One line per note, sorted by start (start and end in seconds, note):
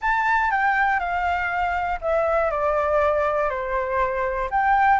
0.01 0.50 A5
0.50 0.99 G5
0.99 1.99 F5
2.01 2.50 E5
2.50 3.49 D5
3.49 4.49 C5
4.50 5.00 G5